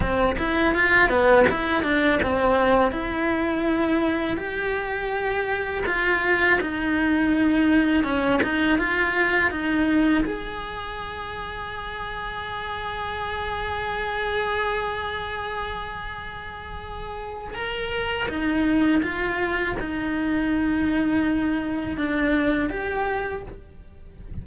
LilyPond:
\new Staff \with { instrumentName = "cello" } { \time 4/4 \tempo 4 = 82 c'8 e'8 f'8 b8 e'8 d'8 c'4 | e'2 g'2 | f'4 dis'2 cis'8 dis'8 | f'4 dis'4 gis'2~ |
gis'1~ | gis'1 | ais'4 dis'4 f'4 dis'4~ | dis'2 d'4 g'4 | }